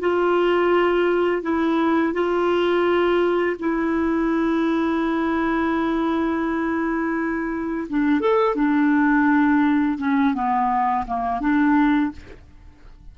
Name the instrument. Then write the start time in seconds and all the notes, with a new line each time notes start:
clarinet
0.00 F4
1.43 E4
2.14 F4
3.59 E4
7.89 D4
8.20 A4
8.55 D4
9.98 C#4
10.34 B3
11.07 A#3
11.41 D4